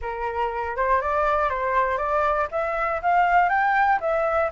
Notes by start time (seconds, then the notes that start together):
0.01 A#4
0.76 C5
1.01 D5
1.49 C5
1.97 D5
2.51 E5
3.02 F5
3.49 G5
4.00 E5